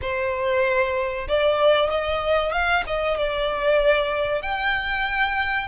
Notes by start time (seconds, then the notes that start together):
0.01 C5
1.28 D5
1.89 D#5
2.51 F5
2.87 D#5
3.17 D5
4.42 G5